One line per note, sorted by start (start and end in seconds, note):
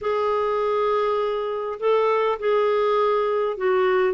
0.01 1.79 G#4
1.79 2.38 A4
2.39 3.57 G#4
3.57 4.14 F#4